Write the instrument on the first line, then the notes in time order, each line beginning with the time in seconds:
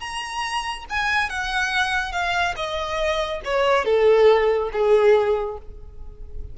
violin
0.00 A#5
0.89 G#5
1.30 F#5
2.12 F5
2.56 D#5
3.44 C#5
3.85 A4
4.73 G#4